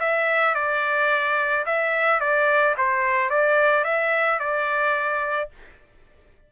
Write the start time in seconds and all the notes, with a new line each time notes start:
0.00 E5
0.55 D5
1.66 E5
2.20 D5
2.77 C5
3.30 D5
3.84 E5
4.40 D5